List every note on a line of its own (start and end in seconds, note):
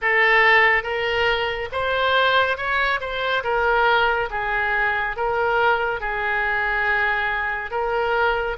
0.01 0.83 A4
0.83 1.69 A#4
1.72 2.57 C5
2.57 3.00 C#5
3.00 3.43 C5
3.43 4.29 A#4
4.30 5.16 G#4
5.16 6.00 A#4
6.00 7.71 G#4
7.71 8.56 A#4